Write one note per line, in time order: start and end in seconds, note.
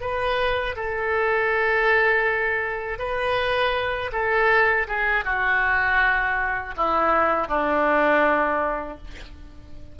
0.00 0.75 B4
0.75 2.98 A4
2.98 4.11 B4
4.11 4.86 A4
4.87 5.24 G#4
5.24 6.74 F#4
6.76 7.48 E4
7.48 8.98 D4